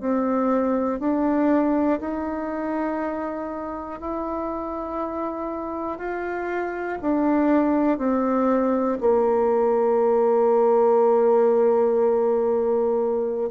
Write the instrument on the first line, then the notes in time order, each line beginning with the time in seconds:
bassoon
0.00 C4
0.99 D4
2.00 D#4
4.00 E4
5.98 F4
7.01 D4
7.98 C4
9.00 A#3